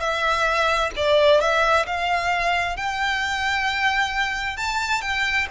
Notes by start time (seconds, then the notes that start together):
0.00 E5
0.97 D5
1.41 E5
1.86 F5
2.77 G5
4.57 A5
5.02 G5